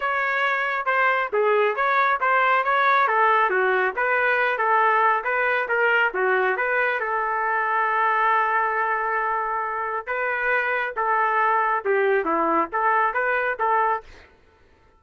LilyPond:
\new Staff \with { instrumentName = "trumpet" } { \time 4/4 \tempo 4 = 137 cis''2 c''4 gis'4 | cis''4 c''4 cis''4 a'4 | fis'4 b'4. a'4. | b'4 ais'4 fis'4 b'4 |
a'1~ | a'2. b'4~ | b'4 a'2 g'4 | e'4 a'4 b'4 a'4 | }